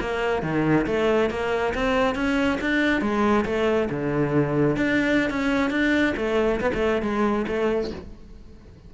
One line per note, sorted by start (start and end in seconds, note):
0.00 0.42 A#3
0.42 0.85 D#3
0.86 1.30 A3
1.30 1.73 A#3
1.74 2.15 C4
2.15 2.58 C#4
2.60 3.01 D4
3.01 3.44 G#3
3.45 3.88 A3
3.90 4.76 D3
4.76 5.30 D4
5.30 5.70 C#4
5.70 6.14 D4
6.16 6.60 A3
6.60 6.71 B3
6.74 7.02 A3
7.02 7.45 G#3
7.47 7.91 A3